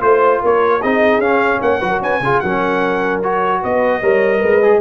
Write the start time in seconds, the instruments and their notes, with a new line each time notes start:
0.00 tuba A3, trombone F4, trumpet C5, horn C5
0.41 tuba A#3, horn A#4, trumpet C#5
0.79 tuba C4, trombone D#4, horn G#4, trumpet D#5
1.18 tuba C#4, trombone C#4, trumpet F5
1.61 tuba A#3, horn C#5, trumpet F#5
1.80 tuba F#3, trombone F#4, horn B4
1.90 horn A#4
2.02 tuba C#4, horn B4, trumpet G#5
2.20 tuba C#3, trombone F4, horn G#4
2.40 tuba F#3, trombone C#4, horn A#4, trumpet F#5
3.23 trombone F#4, trumpet C#5
3.61 tuba B3, horn B4, trumpet D#5
4.00 tuba G3, trombone A#4, horn C#5
4.38 tuba G#3, horn B4
4.62 trombone G#4